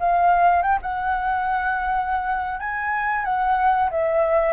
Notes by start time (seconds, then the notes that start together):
0.00 F5
0.63 G5
0.82 F#5
2.60 G#5
3.25 F#5
3.91 E5